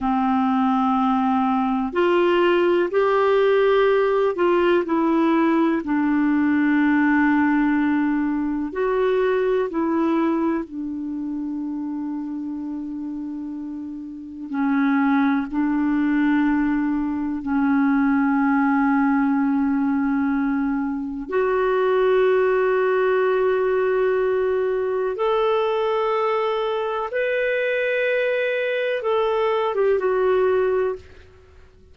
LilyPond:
\new Staff \with { instrumentName = "clarinet" } { \time 4/4 \tempo 4 = 62 c'2 f'4 g'4~ | g'8 f'8 e'4 d'2~ | d'4 fis'4 e'4 d'4~ | d'2. cis'4 |
d'2 cis'2~ | cis'2 fis'2~ | fis'2 a'2 | b'2 a'8. g'16 fis'4 | }